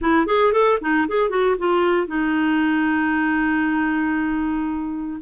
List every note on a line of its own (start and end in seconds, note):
0.01 0.26 E4
0.26 0.52 G#4
0.52 0.78 A4
0.81 1.07 D#4
1.07 1.29 G#4
1.29 1.55 F#4
1.58 2.07 F4
2.07 5.20 D#4